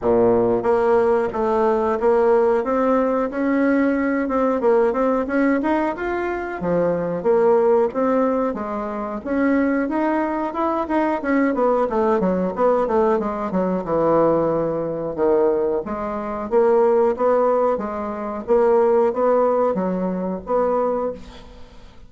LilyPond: \new Staff \with { instrumentName = "bassoon" } { \time 4/4 \tempo 4 = 91 ais,4 ais4 a4 ais4 | c'4 cis'4. c'8 ais8 c'8 | cis'8 dis'8 f'4 f4 ais4 | c'4 gis4 cis'4 dis'4 |
e'8 dis'8 cis'8 b8 a8 fis8 b8 a8 | gis8 fis8 e2 dis4 | gis4 ais4 b4 gis4 | ais4 b4 fis4 b4 | }